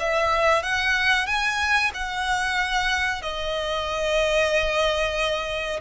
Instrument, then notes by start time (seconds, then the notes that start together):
violin
0.00 E5
0.63 F#5
1.27 G#5
1.94 F#5
3.22 D#5